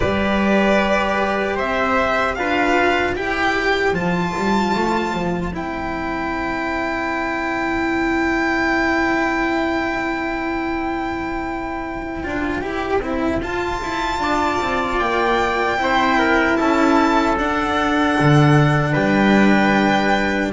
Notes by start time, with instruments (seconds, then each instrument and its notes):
0.00 double bass G3, cello G4, trumpet B4, violin D5
1.55 double bass C4, trumpet C5, violin E5
2.34 double bass D4, cello F4, trumpet B4, violin F5
3.14 double bass E4, cello G4, trumpet C5, violin G5
3.93 double bass F3, cello F4, violin A5
4.37 double bass G3
4.75 double bass A3
5.13 double bass F3
5.53 double bass C4, cello E4, violin G5
12.23 double bass D4, cello F4
12.61 double bass E4, cello G4
13.00 double bass C4, cello E4
13.41 double bass F4, cello F4, violin A5
13.81 double bass E4
14.19 double bass D4, trumpet D5
14.61 double bass C4
14.99 double bass A#3, violin G5
15.77 double bass C4, cello E4, trumpet C5
16.18 trumpet A#4
16.56 double bass C#4, trumpet A4, violin A5
17.38 double bass D4, cello D4, violin F#5
18.19 double bass D3
18.92 double bass G3, trumpet B4, violin G5